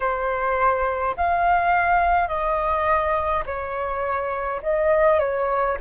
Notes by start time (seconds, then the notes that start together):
0.00 C5
1.16 F5
2.28 D#5
3.46 C#5
4.62 D#5
5.19 C#5